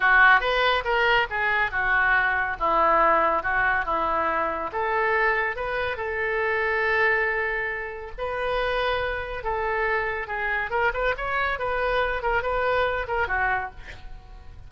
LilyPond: \new Staff \with { instrumentName = "oboe" } { \time 4/4 \tempo 4 = 140 fis'4 b'4 ais'4 gis'4 | fis'2 e'2 | fis'4 e'2 a'4~ | a'4 b'4 a'2~ |
a'2. b'4~ | b'2 a'2 | gis'4 ais'8 b'8 cis''4 b'4~ | b'8 ais'8 b'4. ais'8 fis'4 | }